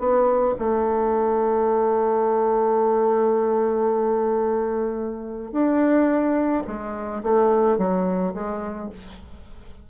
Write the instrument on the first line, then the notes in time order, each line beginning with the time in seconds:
bassoon
0.00 B3
0.59 A3
5.52 D4
6.68 G#3
7.23 A3
7.79 F#3
8.34 G#3